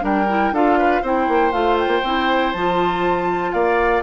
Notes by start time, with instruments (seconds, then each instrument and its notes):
0.00 bassoon G3, clarinet D4, oboe A#4, flute G5
0.29 clarinet E4
0.51 bassoon D4, clarinet F4, oboe A4, flute F5
0.78 oboe B4
1.01 bassoon C4, clarinet E4, oboe C5, flute G5
1.28 bassoon A#3
1.52 bassoon A3, clarinet F4, flute F5
1.78 flute G5
1.87 bassoon A#3
2.03 bassoon C4, clarinet E4
2.52 bassoon F3, clarinet F4, flute A5
3.52 bassoon A#3, oboe D5, flute F5